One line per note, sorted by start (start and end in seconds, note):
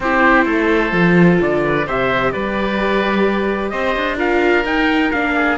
0.00 0.45 C4
0.00 0.91 E4
0.00 0.44 G4
0.00 1.40 C5
0.44 0.92 A3
0.44 1.61 A4
0.91 1.39 F3
0.91 1.84 F4
1.40 1.87 D3
1.40 1.87 D5
1.64 1.86 B4
1.86 2.34 C3
1.86 4.17 G4
1.86 2.32 C5
1.86 2.32 E5
2.32 3.72 G3
2.32 3.71 B4
2.32 3.69 D5
3.69 3.95 C4
3.69 4.17 C5
3.69 4.16 D#5
3.95 4.65 D4
4.17 4.63 F4
4.17 5.33 A#4
4.17 4.65 F5
4.65 5.11 D#4
4.65 5.12 D#4
4.65 5.11 G5
5.11 5.58 A#3
5.11 5.58 D4
5.11 5.57 F5
5.35 5.58 G#4